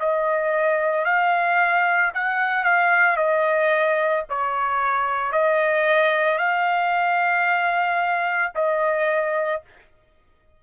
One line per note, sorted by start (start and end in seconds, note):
0.00 1.05 D#5
1.05 2.12 F5
2.14 2.64 F#5
2.64 3.17 F5
3.17 4.24 D#5
4.29 5.32 C#5
5.32 6.38 D#5
6.38 8.52 F5
8.55 9.62 D#5